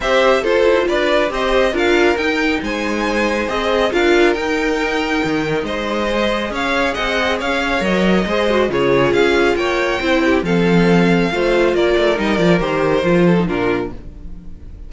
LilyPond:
<<
  \new Staff \with { instrumentName = "violin" } { \time 4/4 \tempo 4 = 138 e''4 c''4 d''4 dis''4 | f''4 g''4 gis''2 | dis''4 f''4 g''2~ | g''4 dis''2 f''4 |
fis''4 f''4 dis''2 | cis''4 f''4 g''2 | f''2. d''4 | dis''8 d''8 c''2 ais'4 | }
  \new Staff \with { instrumentName = "violin" } { \time 4/4 c''4 a'4 b'4 c''4 | ais'2 c''2~ | c''4 ais'2.~ | ais'4 c''2 cis''4 |
dis''4 cis''2 c''4 | gis'2 cis''4 c''8 g'8 | a'2 c''4 ais'4~ | ais'2~ ais'8 a'8 f'4 | }
  \new Staff \with { instrumentName = "viola" } { \time 4/4 g'4 f'2 g'4 | f'4 dis'2. | gis'4 f'4 dis'2~ | dis'2 gis'2~ |
gis'2 ais'4 gis'8 fis'8 | f'2. e'4 | c'2 f'2 | dis'8 f'8 g'4 f'8. dis'16 d'4 | }
  \new Staff \with { instrumentName = "cello" } { \time 4/4 c'4 f'8 e'8 d'4 c'4 | d'4 dis'4 gis2 | c'4 d'4 dis'2 | dis4 gis2 cis'4 |
c'4 cis'4 fis4 gis4 | cis4 cis'4 ais4 c'4 | f2 a4 ais8 a8 | g8 f8 dis4 f4 ais,4 | }
>>